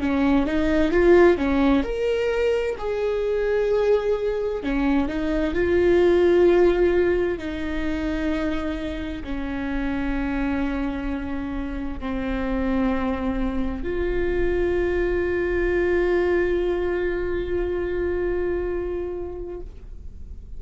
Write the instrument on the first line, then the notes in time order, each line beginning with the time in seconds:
viola
0.00 C#4
0.46 D#4
0.91 F4
1.37 C#4
1.83 A#4
2.78 G#4
4.63 C#4
5.08 D#4
5.54 F4
7.38 D#4
9.23 C#4
12.00 C4
13.83 F4